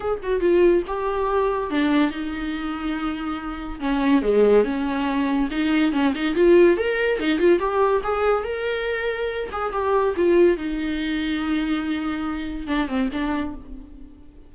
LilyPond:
\new Staff \with { instrumentName = "viola" } { \time 4/4 \tempo 4 = 142 gis'8 fis'8 f'4 g'2 | d'4 dis'2.~ | dis'4 cis'4 gis4 cis'4~ | cis'4 dis'4 cis'8 dis'8 f'4 |
ais'4 dis'8 f'8 g'4 gis'4 | ais'2~ ais'8 gis'8 g'4 | f'4 dis'2.~ | dis'2 d'8 c'8 d'4 | }